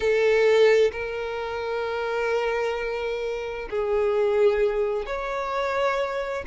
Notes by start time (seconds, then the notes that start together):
0.00 A4
0.92 A#4
3.70 G#4
5.05 C#5